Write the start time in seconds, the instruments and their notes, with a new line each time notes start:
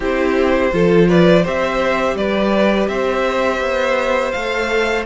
0.00 cello C4, viola E4, violin G4 C5
0.72 cello F3, viola F4, violin A4
1.08 violin B4 D5
1.42 cello C4, viola G4, violin C5 E5
2.15 cello G3, violin B4 D5
2.88 cello C4, violin C5 E5
3.60 cello B3
4.31 cello A3, viola A4, violin F5